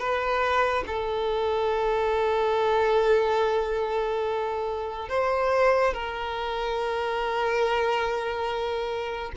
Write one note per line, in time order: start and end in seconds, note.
0.00 0.85 B4
0.87 5.09 A4
5.09 5.94 C5
5.94 9.32 A#4